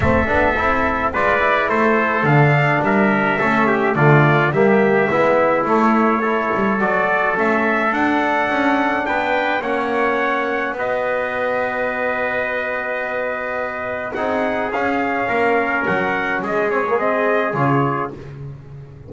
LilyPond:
<<
  \new Staff \with { instrumentName = "trumpet" } { \time 4/4 \tempo 4 = 106 e''2 d''4 c''4 | f''4 e''2 d''4 | e''2 cis''2 | d''4 e''4 fis''2 |
g''4 fis''2 dis''4~ | dis''1~ | dis''4 fis''4 f''2 | fis''4 dis''8 cis''8 dis''4 cis''4 | }
  \new Staff \with { instrumentName = "trumpet" } { \time 4/4 a'2 b'4 a'4~ | a'4 ais'4 a'8 g'8 f'4 | g'4 e'2 a'4~ | a'1 |
b'4 cis''2 b'4~ | b'1~ | b'4 gis'2 ais'4~ | ais'4 gis'2. | }
  \new Staff \with { instrumentName = "trombone" } { \time 4/4 c'8 d'8 e'4 f'8 e'4. | d'2 cis'4 a4 | ais4 b4 a4 e'4 | fis'4 cis'4 d'2~ |
d'4 cis'2 fis'4~ | fis'1~ | fis'4 dis'4 cis'2~ | cis'4. c'16 ais16 c'4 f'4 | }
  \new Staff \with { instrumentName = "double bass" } { \time 4/4 a8 b8 c'4 gis4 a4 | d4 g4 a4 d4 | g4 gis4 a4. g8 | fis4 a4 d'4 cis'4 |
b4 ais2 b4~ | b1~ | b4 c'4 cis'4 ais4 | fis4 gis2 cis4 | }
>>